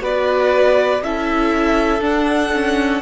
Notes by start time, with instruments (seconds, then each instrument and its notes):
0.00 cello B3, viola F#4, violin B4 D5
1.02 cello C#4, viola E4, violin A4 E5
2.01 viola D4, cello D4, violin F#5
2.53 viola C#4